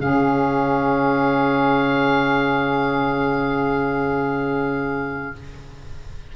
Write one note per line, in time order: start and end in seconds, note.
0.00 5.35 C#3
0.00 5.35 C#4
0.00 5.36 G#4
0.00 5.36 F5